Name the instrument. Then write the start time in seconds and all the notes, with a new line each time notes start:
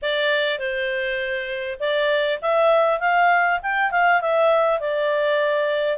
clarinet
0.01 D5
0.58 C5
1.79 D5
2.41 E5
3.00 F5
3.62 G5
3.91 F5
4.21 E5
4.80 D5